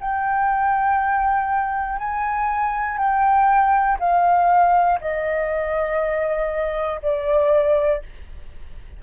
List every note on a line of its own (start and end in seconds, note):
0.00 1.99 G5
1.99 2.98 G#5
2.98 3.98 G5
4.00 5.00 F5
5.00 7.00 D#5
7.02 8.02 D5